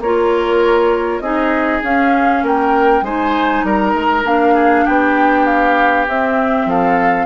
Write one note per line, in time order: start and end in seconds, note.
0.00 1.20 A#3
0.00 1.22 F4
0.00 1.23 A#4
0.00 1.20 C#5
1.20 1.81 C4
1.20 1.83 D#4
1.20 2.44 G#4
1.20 1.81 D#5
1.83 2.43 C#4
1.83 3.04 C#4
1.83 2.45 F5
2.43 3.02 A#3
2.43 3.04 A#4
2.43 3.04 G5
3.02 3.62 G#3
3.02 4.25 D#4
3.02 3.65 C5
3.02 3.65 G#5
3.64 3.93 G3
3.64 4.54 A#4
3.64 4.27 A#5
3.93 4.24 G#3
4.25 4.85 A#3
4.25 6.07 D4
4.25 4.86 F5
4.54 4.84 G#4
4.85 6.08 B3
4.85 6.67 G4
4.85 5.45 G5
5.45 6.06 F5
6.08 6.66 C4
6.08 7.26 C4
6.08 6.69 E5
6.66 7.26 F3
6.66 7.26 A4
6.66 7.26 F5